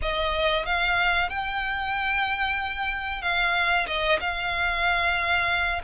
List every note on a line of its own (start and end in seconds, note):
0.02 0.65 D#5
0.65 1.29 F5
1.29 3.21 G5
3.21 3.86 F5
3.87 4.19 D#5
4.20 5.81 F5